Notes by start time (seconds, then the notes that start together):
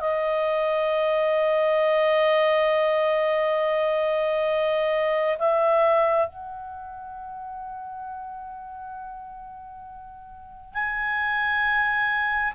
0.00 D#5
5.38 E5
6.27 F#5
10.74 G#5